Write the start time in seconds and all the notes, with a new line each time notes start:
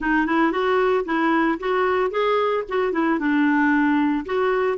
0.00 D#4
0.26 E4
0.51 F#4
1.05 E4
1.59 F#4
2.10 G#4
2.68 F#4
2.92 E4
3.19 D4
4.25 F#4